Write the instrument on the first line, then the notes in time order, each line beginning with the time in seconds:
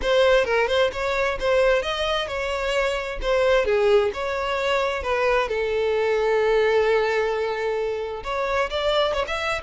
violin
0.01 C5
0.44 A#4
0.67 C5
0.92 C#5
1.39 C5
1.82 D#5
2.27 C#5
3.21 C5
3.65 G#4
4.13 C#5
5.02 B4
5.48 A4
8.23 C#5
8.70 D5
9.13 C#5
9.27 E5